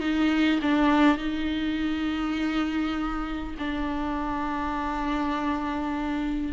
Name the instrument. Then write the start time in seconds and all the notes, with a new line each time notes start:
viola
0.00 D#4
0.62 D4
1.17 D#4
3.58 D4